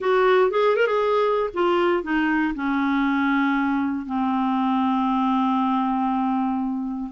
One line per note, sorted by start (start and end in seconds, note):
0.00 0.50 F#4
0.50 0.75 G#4
0.75 0.86 A#4
0.86 1.50 G#4
1.53 2.03 F4
2.03 2.54 D#4
2.54 4.05 C#4
4.05 7.10 C4